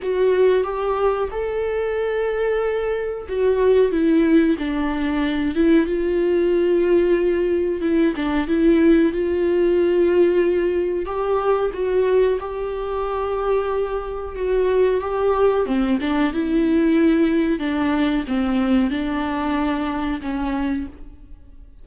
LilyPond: \new Staff \with { instrumentName = "viola" } { \time 4/4 \tempo 4 = 92 fis'4 g'4 a'2~ | a'4 fis'4 e'4 d'4~ | d'8 e'8 f'2. | e'8 d'8 e'4 f'2~ |
f'4 g'4 fis'4 g'4~ | g'2 fis'4 g'4 | c'8 d'8 e'2 d'4 | c'4 d'2 cis'4 | }